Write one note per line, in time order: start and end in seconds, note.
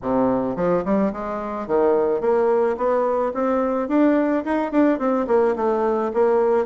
0.02 0.56 C3
0.56 0.83 F3
0.84 1.12 G3
1.12 1.67 G#3
1.67 2.20 D#3
2.20 2.76 A#3
2.77 3.32 B3
3.33 3.88 C4
3.88 4.43 D4
4.44 4.71 D#4
4.71 4.98 D4
4.98 5.26 C4
5.27 5.55 A#3
5.56 6.11 A3
6.13 6.65 A#3